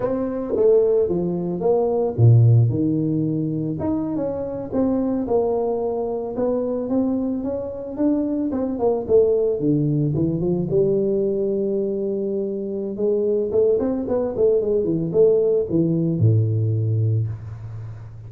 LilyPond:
\new Staff \with { instrumentName = "tuba" } { \time 4/4 \tempo 4 = 111 c'4 a4 f4 ais4 | ais,4 dis2 dis'8. cis'16~ | cis'8. c'4 ais2 b16~ | b8. c'4 cis'4 d'4 c'16~ |
c'16 ais8 a4 d4 e8 f8 g16~ | g1 | gis4 a8 c'8 b8 a8 gis8 e8 | a4 e4 a,2 | }